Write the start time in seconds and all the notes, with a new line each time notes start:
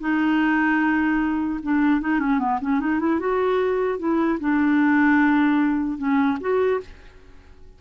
0.00 D#4
1.63 D4
2.01 D#4
2.19 C#4
2.39 B3
2.61 C#4
2.80 D#4
2.99 E4
3.19 F#4
3.99 E4
4.40 D4
5.98 C#4
6.40 F#4